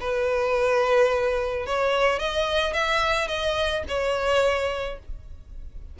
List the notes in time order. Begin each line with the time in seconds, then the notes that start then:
0.00 B4
1.66 C#5
2.19 D#5
2.73 E5
3.28 D#5
3.88 C#5